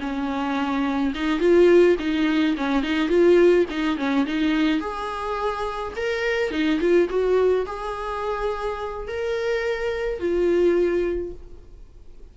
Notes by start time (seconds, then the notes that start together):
0.00 C#4
1.14 D#4
1.39 F4
1.99 D#4
2.57 C#4
2.83 D#4
3.08 F4
3.70 D#4
3.97 C#4
4.26 D#4
4.80 G#4
5.96 A#4
6.51 D#4
6.80 F4
7.09 F#4
7.66 G#4
9.07 A#4
10.19 F4